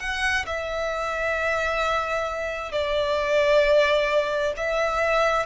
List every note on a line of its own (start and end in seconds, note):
0.00 0.45 F#5
0.46 2.72 E5
2.72 4.54 D5
4.57 5.46 E5